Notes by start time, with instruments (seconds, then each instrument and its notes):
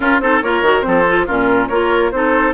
0.00 bassoon C#4, clarinet C#4, oboe F4, flute A#4
0.19 bassoon C4, clarinet D#4, oboe A4, flute C5
0.42 bassoon A#3, clarinet F4, oboe A#4, flute C#5
0.61 bassoon D#3, clarinet F#4
0.81 bassoon F3, clarinet C4, oboe A4, flute C5
1.08 clarinet F4
1.26 bassoon A#2, clarinet C#4, oboe F4, flute A#4
1.68 bassoon A#3, clarinet F4, oboe A#4, flute C#5
2.11 bassoon C4, clarinet D#4, oboe A4, flute C5